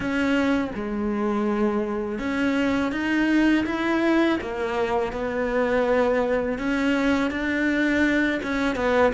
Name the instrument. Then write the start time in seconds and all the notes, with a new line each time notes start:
cello
0.00 C#4
0.75 G#3
2.19 C#4
2.92 D#4
3.66 E4
4.41 A#3
5.12 B3
6.58 C#4
7.30 D4
8.42 C#4
8.75 B3